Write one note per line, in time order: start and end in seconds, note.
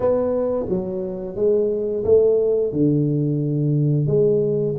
0.00 0.66 B3
0.68 1.35 F#3
1.35 2.03 G#3
2.04 2.72 A3
2.72 4.07 D3
4.07 4.75 G#3